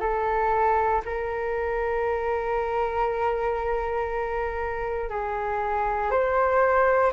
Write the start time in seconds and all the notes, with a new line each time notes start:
0.00 A4
1.05 A#4
5.10 G#4
6.11 C5